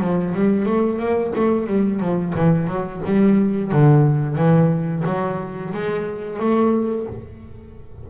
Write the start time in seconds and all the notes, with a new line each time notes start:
0.00 F3
0.34 G3
0.66 A3
0.99 A#3
1.35 A3
1.67 G3
2.00 F3
2.36 E3
2.68 F#3
3.06 G3
3.72 D3
4.36 E3
5.06 F#3
5.74 G#3
6.39 A3